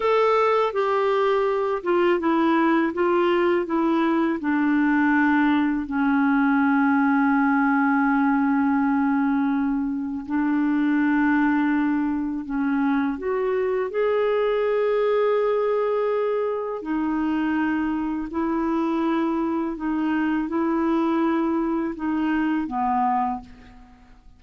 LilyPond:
\new Staff \with { instrumentName = "clarinet" } { \time 4/4 \tempo 4 = 82 a'4 g'4. f'8 e'4 | f'4 e'4 d'2 | cis'1~ | cis'2 d'2~ |
d'4 cis'4 fis'4 gis'4~ | gis'2. dis'4~ | dis'4 e'2 dis'4 | e'2 dis'4 b4 | }